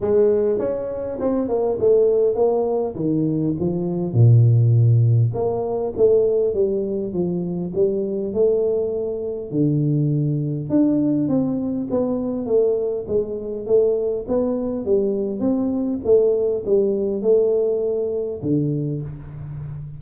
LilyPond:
\new Staff \with { instrumentName = "tuba" } { \time 4/4 \tempo 4 = 101 gis4 cis'4 c'8 ais8 a4 | ais4 dis4 f4 ais,4~ | ais,4 ais4 a4 g4 | f4 g4 a2 |
d2 d'4 c'4 | b4 a4 gis4 a4 | b4 g4 c'4 a4 | g4 a2 d4 | }